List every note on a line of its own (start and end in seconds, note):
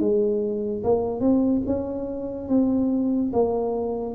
0.00 0.83 G#3
0.84 1.20 A#3
1.20 1.62 C4
1.66 2.49 C#4
2.49 3.32 C4
3.33 4.15 A#3